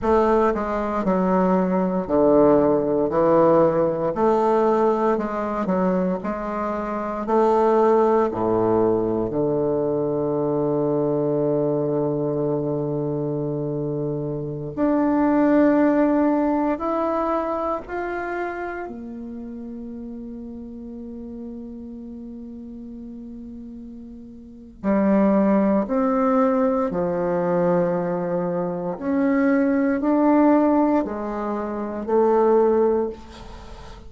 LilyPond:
\new Staff \with { instrumentName = "bassoon" } { \time 4/4 \tempo 4 = 58 a8 gis8 fis4 d4 e4 | a4 gis8 fis8 gis4 a4 | a,4 d2.~ | d2~ d16 d'4.~ d'16~ |
d'16 e'4 f'4 ais4.~ ais16~ | ais1 | g4 c'4 f2 | cis'4 d'4 gis4 a4 | }